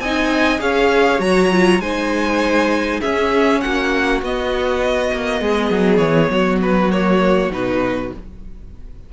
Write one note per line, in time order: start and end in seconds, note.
0.00 0.60 C4
0.00 0.59 D#4
0.00 0.62 D#5
0.00 0.60 G#5
0.59 1.20 C#4
0.59 1.19 G#4
0.59 1.82 C#5
0.59 1.21 F5
1.19 1.79 F#3
1.19 1.49 F#4
1.19 1.81 A#5
1.52 1.82 F4
1.79 2.99 G#3
1.79 3.02 D#4
1.79 3.00 C5
1.79 3.01 G#5
3.00 4.22 C#4
3.00 3.64 C#4
3.00 3.60 G#4
3.00 3.61 E5
3.61 4.22 A#3
3.61 5.42 F#4
3.61 4.21 F#5
4.22 5.12 B3
4.22 6.91 B3
4.22 5.97 D#5
5.13 5.41 A#3
5.41 5.71 G#3
5.41 6.32 G#4
5.71 5.99 F#3
5.97 6.29 E3
5.97 6.57 C#5
6.30 7.50 F#3
6.30 8.13 F#4
6.62 6.91 B4
6.91 7.51 A#3
6.91 7.51 C#5
7.50 8.11 B2
7.50 8.12 D#4
7.50 8.13 B4